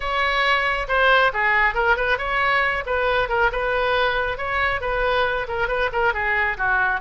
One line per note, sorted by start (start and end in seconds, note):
0.00 0.87 C#5
0.88 1.31 C5
1.33 1.74 G#4
1.74 1.96 A#4
1.96 2.18 B4
2.18 2.83 C#5
2.85 3.28 B4
3.28 3.50 A#4
3.52 4.37 B4
4.37 4.81 C#5
4.81 5.46 B4
5.47 5.68 A#4
5.68 5.89 B4
5.92 6.13 A#4
6.13 6.57 G#4
6.57 7.00 F#4